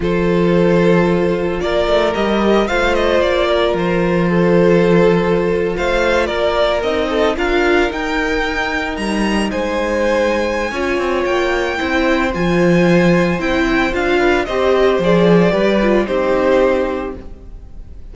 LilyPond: <<
  \new Staff \with { instrumentName = "violin" } { \time 4/4 \tempo 4 = 112 c''2. d''4 | dis''4 f''8 dis''8 d''4 c''4~ | c''2~ c''8. f''4 d''16~ | d''8. dis''4 f''4 g''4~ g''16~ |
g''8. ais''4 gis''2~ gis''16~ | gis''4 g''2 gis''4~ | gis''4 g''4 f''4 dis''4 | d''2 c''2 | }
  \new Staff \with { instrumentName = "violin" } { \time 4/4 a'2. ais'4~ | ais'4 c''4. ais'4. | a'2~ a'8. c''4 ais'16~ | ais'4~ ais'16 a'8 ais'2~ ais'16~ |
ais'4.~ ais'16 c''2~ c''16 | cis''2 c''2~ | c''2~ c''8 b'8 c''4~ | c''4 b'4 g'2 | }
  \new Staff \with { instrumentName = "viola" } { \time 4/4 f'1 | g'4 f'2.~ | f'1~ | f'8. dis'4 f'4 dis'4~ dis'16~ |
dis'1 | f'2 e'4 f'4~ | f'4 e'4 f'4 g'4 | gis'4 g'8 f'8 dis'2 | }
  \new Staff \with { instrumentName = "cello" } { \time 4/4 f2. ais8 a8 | g4 a4 ais4 f4~ | f2~ f8. a4 ais16~ | ais8. c'4 d'4 dis'4~ dis'16~ |
dis'8. g4 gis2~ gis16 | cis'8 c'8 ais4 c'4 f4~ | f4 c'4 d'4 c'4 | f4 g4 c'2 | }
>>